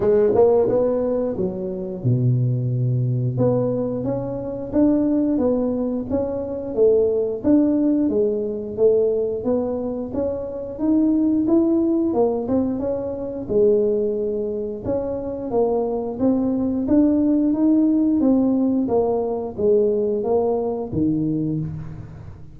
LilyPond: \new Staff \with { instrumentName = "tuba" } { \time 4/4 \tempo 4 = 89 gis8 ais8 b4 fis4 b,4~ | b,4 b4 cis'4 d'4 | b4 cis'4 a4 d'4 | gis4 a4 b4 cis'4 |
dis'4 e'4 ais8 c'8 cis'4 | gis2 cis'4 ais4 | c'4 d'4 dis'4 c'4 | ais4 gis4 ais4 dis4 | }